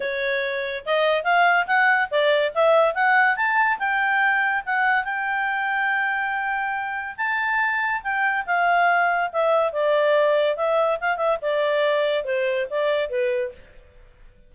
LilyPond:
\new Staff \with { instrumentName = "clarinet" } { \time 4/4 \tempo 4 = 142 cis''2 dis''4 f''4 | fis''4 d''4 e''4 fis''4 | a''4 g''2 fis''4 | g''1~ |
g''4 a''2 g''4 | f''2 e''4 d''4~ | d''4 e''4 f''8 e''8 d''4~ | d''4 c''4 d''4 b'4 | }